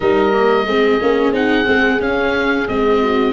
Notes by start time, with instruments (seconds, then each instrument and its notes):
0.00 tuba G3, viola D#4, horn A#4, oboe D#5
0.32 viola A#3
0.66 tuba G#3, viola C4, horn G#4
1.00 tuba A#3, viola C#4
1.31 tuba C4, viola D#4, oboe F#5
1.64 tuba G#3, viola C4
2.00 tuba C#4, viola C#4, oboe F5
2.67 tuba G#3, viola C4, oboe D#5
3.01 horn F#4